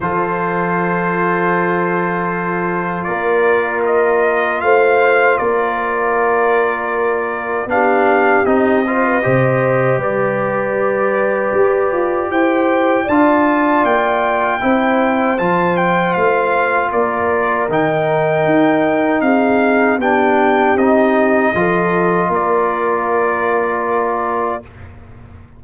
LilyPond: <<
  \new Staff \with { instrumentName = "trumpet" } { \time 4/4 \tempo 4 = 78 c''1 | d''4 dis''4 f''4 d''4~ | d''2 f''4 dis''4~ | dis''4 d''2. |
g''4 a''4 g''2 | a''8 g''8 f''4 d''4 g''4~ | g''4 f''4 g''4 dis''4~ | dis''4 d''2. | }
  \new Staff \with { instrumentName = "horn" } { \time 4/4 a'1 | ais'2 c''4 ais'4~ | ais'2 g'4. c''16 b'16 | c''4 b'2. |
c''4 d''2 c''4~ | c''2 ais'2~ | ais'4 gis'4 g'2 | a'4 ais'2. | }
  \new Staff \with { instrumentName = "trombone" } { \time 4/4 f'1~ | f'1~ | f'2 d'4 dis'8 f'8 | g'1~ |
g'4 f'2 e'4 | f'2. dis'4~ | dis'2 d'4 dis'4 | f'1 | }
  \new Staff \with { instrumentName = "tuba" } { \time 4/4 f1 | ais2 a4 ais4~ | ais2 b4 c'4 | c4 g2 g'8 f'8 |
e'4 d'4 ais4 c'4 | f4 a4 ais4 dis4 | dis'4 c'4 b4 c'4 | f4 ais2. | }
>>